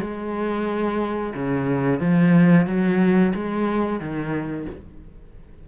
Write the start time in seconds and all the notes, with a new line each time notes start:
0.00 G#3
1.34 C#3
2.00 F3
2.66 F#3
3.35 G#3
4.00 D#3